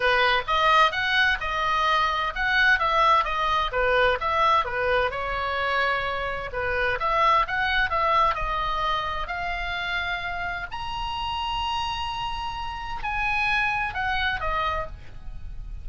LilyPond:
\new Staff \with { instrumentName = "oboe" } { \time 4/4 \tempo 4 = 129 b'4 dis''4 fis''4 dis''4~ | dis''4 fis''4 e''4 dis''4 | b'4 e''4 b'4 cis''4~ | cis''2 b'4 e''4 |
fis''4 e''4 dis''2 | f''2. ais''4~ | ais''1 | gis''2 fis''4 dis''4 | }